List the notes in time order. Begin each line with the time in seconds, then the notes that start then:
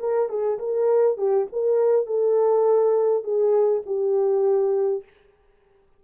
0.00 A#4
0.29 G#4
0.59 A#4
1.18 G4
1.53 A#4
2.07 A4
3.24 G#4
3.86 G4